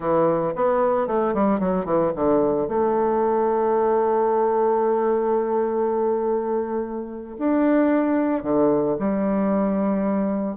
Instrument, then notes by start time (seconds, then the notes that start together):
bassoon
0.00 E3
0.55 B3
1.07 A3
1.33 G3
1.59 F#3
1.85 E3
2.15 D3
2.68 A3
7.38 D4
8.43 D3
8.99 G3